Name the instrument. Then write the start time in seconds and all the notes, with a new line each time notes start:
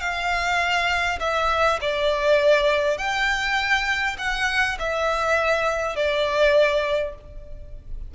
violin
0.00 F5
1.20 E5
1.81 D5
2.98 G5
4.18 F#5
4.79 E5
5.96 D5